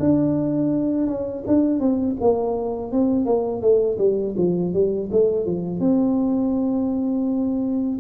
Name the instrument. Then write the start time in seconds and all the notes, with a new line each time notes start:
tuba
0.00 D4
1.07 C#4
1.47 D4
1.80 C4
2.21 A#3
2.92 C4
3.26 A#3
3.62 A3
3.98 G3
4.37 F3
4.74 G3
5.12 A3
5.46 F3
5.80 C4